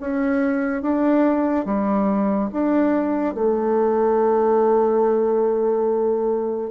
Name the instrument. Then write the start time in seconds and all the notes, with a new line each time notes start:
bassoon
0.00 C#4
0.82 D4
1.65 G3
2.52 D4
3.34 A3